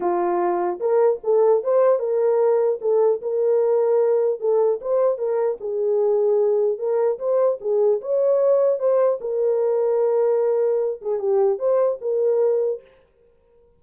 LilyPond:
\new Staff \with { instrumentName = "horn" } { \time 4/4 \tempo 4 = 150 f'2 ais'4 a'4 | c''4 ais'2 a'4 | ais'2. a'4 | c''4 ais'4 gis'2~ |
gis'4 ais'4 c''4 gis'4 | cis''2 c''4 ais'4~ | ais'2.~ ais'8 gis'8 | g'4 c''4 ais'2 | }